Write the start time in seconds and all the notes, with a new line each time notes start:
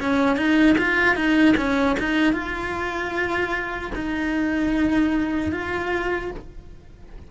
0.00 C#4
0.37 D#4
0.78 F4
1.16 D#4
1.57 C#4
2.00 D#4
2.33 F4
3.95 D#4
5.52 F4